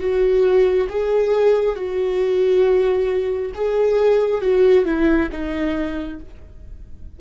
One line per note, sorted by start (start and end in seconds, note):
0.00 0.88 F#4
0.89 1.76 G#4
1.76 3.53 F#4
3.55 4.42 G#4
4.42 4.86 F#4
4.86 5.30 E4
5.32 6.20 D#4